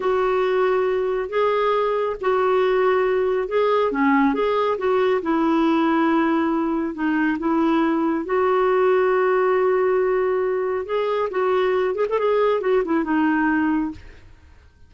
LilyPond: \new Staff \with { instrumentName = "clarinet" } { \time 4/4 \tempo 4 = 138 fis'2. gis'4~ | gis'4 fis'2. | gis'4 cis'4 gis'4 fis'4 | e'1 |
dis'4 e'2 fis'4~ | fis'1~ | fis'4 gis'4 fis'4. gis'16 a'16 | gis'4 fis'8 e'8 dis'2 | }